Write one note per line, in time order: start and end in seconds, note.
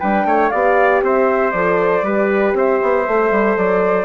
0.00 0.26 G3
0.00 0.53 D4
0.00 0.26 B4
0.00 0.50 G5
0.26 0.51 A3
0.26 0.52 C#5
0.50 1.03 B3
0.50 1.54 G4
0.50 1.03 D5
0.50 1.01 F5
1.03 1.53 C4
1.03 2.05 C5
1.03 1.52 E5
1.52 2.03 F3
1.52 2.04 A4
1.52 2.53 D5
2.03 2.54 G3
2.03 3.06 G4
2.03 2.56 B4
2.54 2.79 C4
2.54 4.05 C5
2.54 3.58 E5
2.83 3.08 B3
3.08 3.31 A3
3.08 4.05 A4
3.31 3.57 G3
3.58 4.05 F#3
3.58 4.05 D5